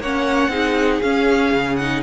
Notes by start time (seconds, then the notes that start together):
0.00 A#3 C#4 C#5 F#5
0.48 C4 D#4 G#4
1.02 C#4 F5
1.53 C#3
1.76 D#4 F#5